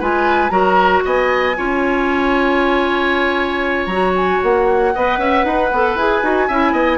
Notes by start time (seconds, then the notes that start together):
0.00 G#3 F4 B4 G#5
0.50 F#3 F#4 A#4 A#5
1.05 B3 D#5 G#5
1.57 C#4 F4 C#5
3.87 F#3 F#4 A#5
4.16 G#5
4.43 A#3 F#5
4.95 B3 B4 D#5
5.18 C#4 E5
5.45 D#4 B4
5.72 B3 A4
5.96 E4 G#4 G#5
6.23 D#4 F#4
6.48 C#4 E4 E5
6.73 B3 D#5